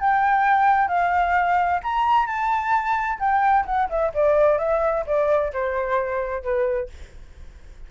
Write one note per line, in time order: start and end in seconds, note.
0.00 0.88 G5
0.88 1.81 F5
1.84 2.27 A#5
2.27 3.19 A5
3.20 3.66 G5
3.66 3.89 F#5
3.90 4.13 E5
4.14 4.59 D5
4.59 5.05 E5
5.07 5.53 D5
5.53 6.43 C5
6.43 6.89 B4